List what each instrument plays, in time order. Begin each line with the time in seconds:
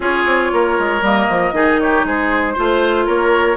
0.00 bassoon C#4, clarinet F4, oboe G#4, flute C#5
0.25 bassoon C4
0.53 bassoon A#3, oboe A#4
0.78 bassoon G#3
1.01 bassoon G3, clarinet A#3, flute D#5
1.29 bassoon F3
1.52 bassoon D#3, clarinet D#4, oboe G#4
1.80 oboe G4, flute C#5
2.04 bassoon G#3, oboe G#4, flute C5
2.53 bassoon A3, clarinet F4, oboe C5
3.06 bassoon A#3, oboe A#4, flute C#5